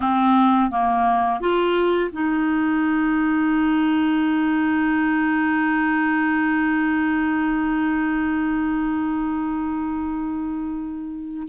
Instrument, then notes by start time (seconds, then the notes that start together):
clarinet
0.00 C4
0.71 A#3
1.40 F4
2.12 D#4